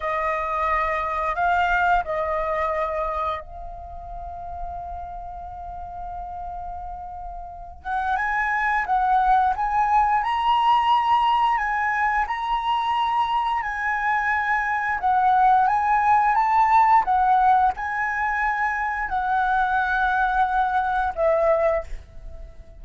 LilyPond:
\new Staff \with { instrumentName = "flute" } { \time 4/4 \tempo 4 = 88 dis''2 f''4 dis''4~ | dis''4 f''2.~ | f''2.~ f''8 fis''8 | gis''4 fis''4 gis''4 ais''4~ |
ais''4 gis''4 ais''2 | gis''2 fis''4 gis''4 | a''4 fis''4 gis''2 | fis''2. e''4 | }